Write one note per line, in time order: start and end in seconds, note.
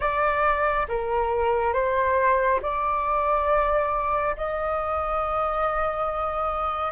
0.00 0.87 D5
0.88 1.73 A#4
1.73 2.60 C5
2.62 4.36 D5
4.36 6.92 D#5